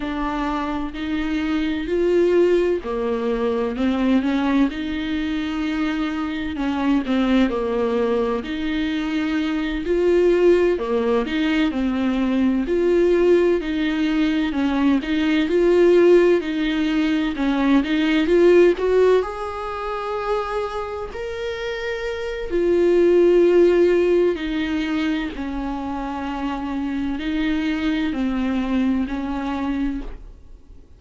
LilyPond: \new Staff \with { instrumentName = "viola" } { \time 4/4 \tempo 4 = 64 d'4 dis'4 f'4 ais4 | c'8 cis'8 dis'2 cis'8 c'8 | ais4 dis'4. f'4 ais8 | dis'8 c'4 f'4 dis'4 cis'8 |
dis'8 f'4 dis'4 cis'8 dis'8 f'8 | fis'8 gis'2 ais'4. | f'2 dis'4 cis'4~ | cis'4 dis'4 c'4 cis'4 | }